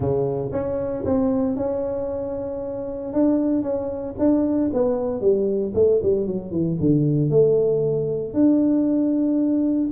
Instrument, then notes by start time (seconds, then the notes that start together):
tuba
0.00 C#3
0.51 C#4
1.05 C4
1.56 C#4
3.13 D4
3.62 C#4
4.18 D4
4.73 B3
5.20 G3
5.74 A3
6.02 G3
6.27 F#3
6.51 E3
6.79 D3
7.29 A3
8.33 D4